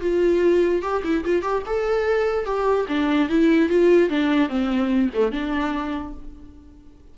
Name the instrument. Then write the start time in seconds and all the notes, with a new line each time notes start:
viola
0.00 F4
0.82 G4
1.04 E4
1.24 F4
1.42 G4
1.66 A4
2.45 G4
2.88 D4
3.29 E4
3.68 F4
4.09 D4
4.49 C4
5.14 A3
5.31 D4